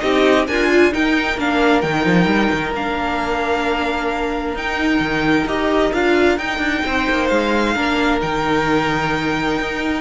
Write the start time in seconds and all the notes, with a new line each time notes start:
0.00 C4 D#4 G4 D#5
0.48 D4 F4 A#4 G#5
0.71 F4
0.92 D#4 A#4 G5
1.37 A#3 D4 F5
1.81 D#3 D#4 G5
2.05 F3
2.25 G3
2.52 D#3
2.73 A#3 D4 F5
4.54 D#4 G5
4.99 D#3
5.45 D#4 G4 D#5
5.93 D4 F4 F5
6.37 D#4 G5
6.58 D4
6.85 C4 C5
7.09 A#3
7.28 G#3 F5
7.74 A#3 D4 A#4
8.20 D#3 D#4 G5
9.58 D#4